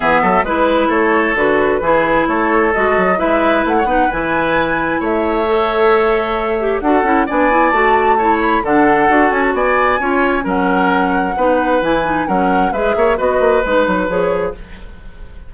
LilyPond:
<<
  \new Staff \with { instrumentName = "flute" } { \time 4/4 \tempo 4 = 132 e''4 b'4 cis''4 b'4~ | b'4 cis''4 dis''4 e''4 | fis''4 gis''2 e''4~ | e''2. fis''4 |
gis''4 a''4. b''8 fis''4~ | fis''8 gis''16 a''16 gis''2 fis''4~ | fis''2 gis''4 fis''4 | e''4 dis''4 b'4 cis''4 | }
  \new Staff \with { instrumentName = "oboe" } { \time 4/4 gis'8 a'8 b'4 a'2 | gis'4 a'2 b'4~ | b'16 cis''16 b'2~ b'8 cis''4~ | cis''2. a'4 |
d''2 cis''4 a'4~ | a'4 d''4 cis''4 ais'4~ | ais'4 b'2 ais'4 | b'8 cis''8 b'2. | }
  \new Staff \with { instrumentName = "clarinet" } { \time 4/4 b4 e'2 fis'4 | e'2 fis'4 e'4~ | e'8 dis'8 e'2. | a'2~ a'8 g'8 fis'8 e'8 |
d'8 e'8 fis'4 e'4 d'4 | fis'2 f'4 cis'4~ | cis'4 dis'4 e'8 dis'8 cis'4 | gis'4 fis'4 dis'4 gis'4 | }
  \new Staff \with { instrumentName = "bassoon" } { \time 4/4 e8 fis8 gis4 a4 d4 | e4 a4 gis8 fis8 gis4 | a8 b8 e2 a4~ | a2. d'8 cis'8 |
b4 a2 d4 | d'8 cis'8 b4 cis'4 fis4~ | fis4 b4 e4 fis4 | gis8 ais8 b8 ais8 gis8 fis8 f4 | }
>>